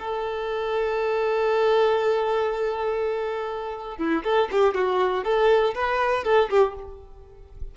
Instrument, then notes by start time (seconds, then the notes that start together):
violin
0.00 A4
3.98 E4
4.25 A4
4.52 G4
4.75 F#4
5.25 A4
5.75 B4
6.25 A4
6.50 G4